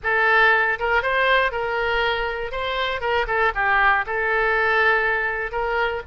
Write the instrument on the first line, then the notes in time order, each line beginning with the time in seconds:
oboe
0.03 A4
0.79 A#4
1.02 C5
1.51 A#4
2.51 C5
3.00 A#4
3.27 A4
3.54 G4
4.06 A4
5.51 A#4